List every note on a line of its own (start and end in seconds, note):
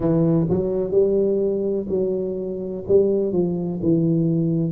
0.00 0.47 E3
0.49 0.91 F#3
0.91 1.86 G3
1.88 2.84 F#3
2.87 3.32 G3
3.32 3.80 F3
3.82 4.72 E3